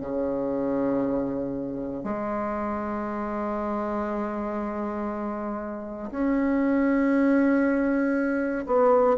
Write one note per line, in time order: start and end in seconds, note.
0.00 2.03 C#3
2.03 6.10 G#3
6.11 8.65 C#4
8.66 9.17 B3